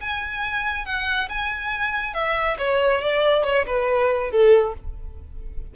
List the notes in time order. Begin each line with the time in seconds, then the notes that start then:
0.00 G#5
0.85 F#5
1.29 G#5
2.14 E5
2.58 C#5
3.01 D5
3.44 C#5
3.66 B4
4.30 A4